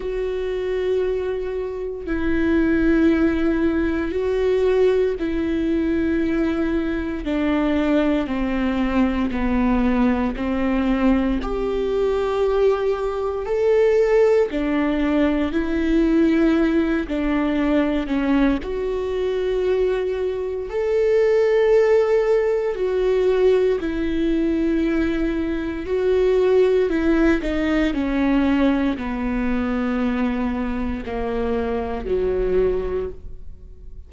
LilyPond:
\new Staff \with { instrumentName = "viola" } { \time 4/4 \tempo 4 = 58 fis'2 e'2 | fis'4 e'2 d'4 | c'4 b4 c'4 g'4~ | g'4 a'4 d'4 e'4~ |
e'8 d'4 cis'8 fis'2 | a'2 fis'4 e'4~ | e'4 fis'4 e'8 dis'8 cis'4 | b2 ais4 fis4 | }